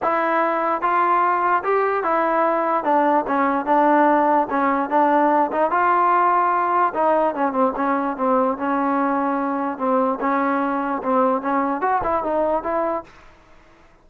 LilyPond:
\new Staff \with { instrumentName = "trombone" } { \time 4/4 \tempo 4 = 147 e'2 f'2 | g'4 e'2 d'4 | cis'4 d'2 cis'4 | d'4. dis'8 f'2~ |
f'4 dis'4 cis'8 c'8 cis'4 | c'4 cis'2. | c'4 cis'2 c'4 | cis'4 fis'8 e'8 dis'4 e'4 | }